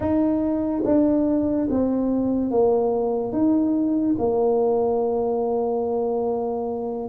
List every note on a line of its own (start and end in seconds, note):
0.00 0.82 D#4
0.84 1.67 D4
1.69 2.50 C4
2.50 3.32 A#3
3.32 4.15 D#4
4.18 7.08 A#3